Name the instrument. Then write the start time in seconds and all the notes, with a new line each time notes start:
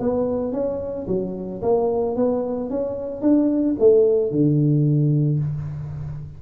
tuba
0.00 B3
0.53 C#4
1.08 F#3
1.62 A#3
2.16 B3
2.71 C#4
3.22 D4
3.80 A3
4.32 D3